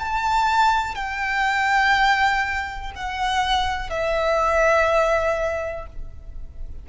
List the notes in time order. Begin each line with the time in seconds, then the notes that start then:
0.00 A5
0.96 G5
2.96 F#5
3.90 E5